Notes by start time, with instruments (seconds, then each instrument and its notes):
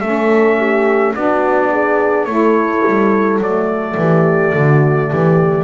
0.00 double bass A3, saxophone C#4, horn A4, trumpet E5
0.57 horn G4
1.15 double bass B3, saxophone D4, horn F#4, trumpet D5
1.71 horn G#4
2.25 double bass A3, saxophone E4, horn A4, trumpet C#5
2.87 double bass G3
3.38 double bass F#3, saxophone A3, trumpet D5
3.97 double bass E3, horn G4
4.55 double bass D3, horn F#4
5.09 double bass E3, horn G4